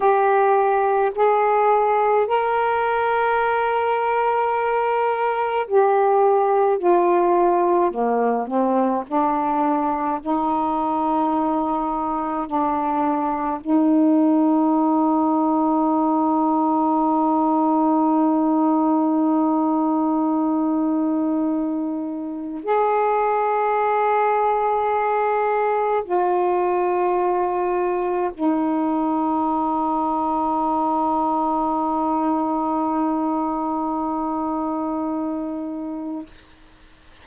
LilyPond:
\new Staff \with { instrumentName = "saxophone" } { \time 4/4 \tempo 4 = 53 g'4 gis'4 ais'2~ | ais'4 g'4 f'4 ais8 c'8 | d'4 dis'2 d'4 | dis'1~ |
dis'1 | gis'2. f'4~ | f'4 dis'2.~ | dis'1 | }